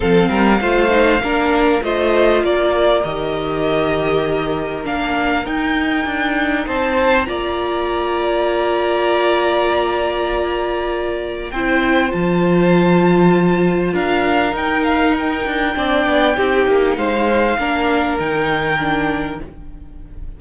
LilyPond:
<<
  \new Staff \with { instrumentName = "violin" } { \time 4/4 \tempo 4 = 99 f''2. dis''4 | d''4 dis''2. | f''4 g''2 a''4 | ais''1~ |
ais''2. g''4 | a''2. f''4 | g''8 f''8 g''2. | f''2 g''2 | }
  \new Staff \with { instrumentName = "violin" } { \time 4/4 a'8 ais'8 c''4 ais'4 c''4 | ais'1~ | ais'2. c''4 | d''1~ |
d''2. c''4~ | c''2. ais'4~ | ais'2 d''4 g'4 | c''4 ais'2. | }
  \new Staff \with { instrumentName = "viola" } { \time 4/4 c'4 f'8 dis'8 d'4 f'4~ | f'4 g'2. | d'4 dis'2. | f'1~ |
f'2. e'4 | f'1 | dis'2 d'4 dis'4~ | dis'4 d'4 dis'4 d'4 | }
  \new Staff \with { instrumentName = "cello" } { \time 4/4 f8 g8 a4 ais4 a4 | ais4 dis2. | ais4 dis'4 d'4 c'4 | ais1~ |
ais2. c'4 | f2. d'4 | dis'4. d'8 c'8 b8 c'8 ais8 | gis4 ais4 dis2 | }
>>